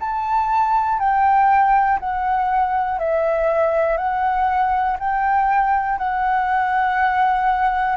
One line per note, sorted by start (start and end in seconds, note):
0.00 0.99 A5
0.99 1.99 G5
1.99 2.99 F#5
2.99 3.97 E5
3.97 4.97 F#5
4.99 5.98 G5
5.98 7.96 F#5